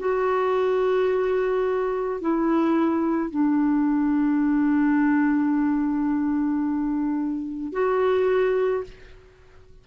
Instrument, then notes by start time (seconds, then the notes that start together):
clarinet
0.00 F#4
2.21 E4
3.31 D4
7.73 F#4